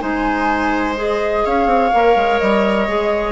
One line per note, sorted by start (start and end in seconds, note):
0.00 1.45 G#3
0.00 0.96 D#4
0.00 1.45 C5
0.00 0.95 G#5
0.96 1.91 G#4
0.96 1.46 D#5
1.45 1.66 C#4
1.45 3.32 C#5
1.45 2.39 F5
1.66 1.90 C4
1.94 2.16 A#3
1.94 2.88 A#4
2.16 2.40 G#3
2.39 2.88 G3
2.39 3.32 D#5
2.88 3.32 G#3
2.88 3.32 G#4